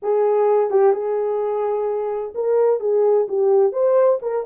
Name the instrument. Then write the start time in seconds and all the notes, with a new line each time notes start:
horn
0.02 G#4
0.70 G4
0.92 G#4
2.34 A#4
2.80 G#4
3.28 G4
3.72 C5
4.22 A#4